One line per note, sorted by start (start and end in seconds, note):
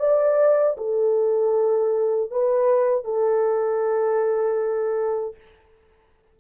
0.00 0.77 D5
0.78 2.31 A4
2.31 3.05 B4
3.05 5.36 A4